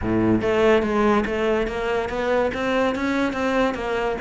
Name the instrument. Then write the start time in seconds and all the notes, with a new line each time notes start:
cello
0.02 A2
0.41 A3
0.82 G#3
1.25 A3
1.67 A#3
2.09 B3
2.53 C4
2.95 C#4
3.32 C4
3.74 A#3